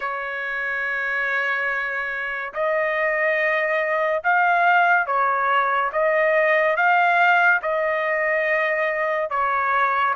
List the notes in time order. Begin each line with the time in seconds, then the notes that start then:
0.00 C#5
2.54 D#5
4.23 F5
5.06 C#5
5.92 D#5
6.76 F5
7.62 D#5
9.30 C#5